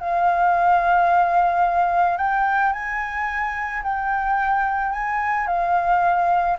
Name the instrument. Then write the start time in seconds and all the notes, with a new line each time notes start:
flute
0.00 F5
2.18 G5
2.72 G#5
3.83 G5
4.92 G#5
5.47 F5